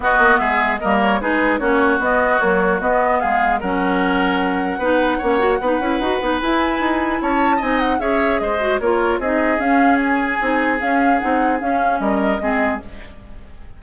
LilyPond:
<<
  \new Staff \with { instrumentName = "flute" } { \time 4/4 \tempo 4 = 150 dis''4 e''4 dis''8 cis''8 b'4 | cis''4 dis''4 cis''4 dis''4 | f''4 fis''2.~ | fis''1 |
gis''2 a''4 gis''8 fis''8 | e''4 dis''4 cis''4 dis''4 | f''4 gis''2 f''4 | fis''4 f''4 dis''2 | }
  \new Staff \with { instrumentName = "oboe" } { \time 4/4 fis'4 gis'4 ais'4 gis'4 | fis'1 | gis'4 ais'2. | b'4 cis''4 b'2~ |
b'2 cis''4 dis''4 | cis''4 c''4 ais'4 gis'4~ | gis'1~ | gis'2 ais'4 gis'4 | }
  \new Staff \with { instrumentName = "clarinet" } { \time 4/4 b2 ais4 dis'4 | cis'4 b4 fis4 b4~ | b4 cis'2. | dis'4 cis'8 fis'8 dis'8 e'8 fis'8 dis'8 |
e'2. dis'4 | gis'4. fis'8 f'4 dis'4 | cis'2 dis'4 cis'4 | dis'4 cis'2 c'4 | }
  \new Staff \with { instrumentName = "bassoon" } { \time 4/4 b8 ais8 gis4 g4 gis4 | ais4 b4 ais4 b4 | gis4 fis2. | b4 ais4 b8 cis'8 dis'8 b8 |
e'4 dis'4 cis'4 c'4 | cis'4 gis4 ais4 c'4 | cis'2 c'4 cis'4 | c'4 cis'4 g4 gis4 | }
>>